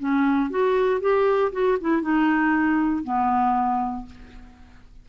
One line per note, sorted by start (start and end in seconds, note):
0.00 0.51 C#4
0.51 1.01 F#4
1.01 1.52 G4
1.53 1.78 F#4
1.81 2.02 E4
2.02 3.04 D#4
3.04 4.06 B3